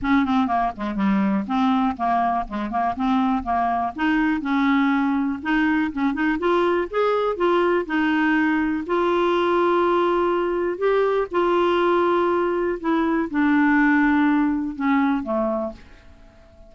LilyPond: \new Staff \with { instrumentName = "clarinet" } { \time 4/4 \tempo 4 = 122 cis'8 c'8 ais8 gis8 g4 c'4 | ais4 gis8 ais8 c'4 ais4 | dis'4 cis'2 dis'4 | cis'8 dis'8 f'4 gis'4 f'4 |
dis'2 f'2~ | f'2 g'4 f'4~ | f'2 e'4 d'4~ | d'2 cis'4 a4 | }